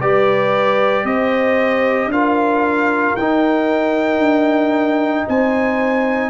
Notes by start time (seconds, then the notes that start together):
0.00 G3 G4 B4 D5
1.04 C4 C5 D#5
2.06 D4 F4
2.12 A#4 F5
3.16 D#4 G5
4.18 D4
5.28 C4 C5 G#5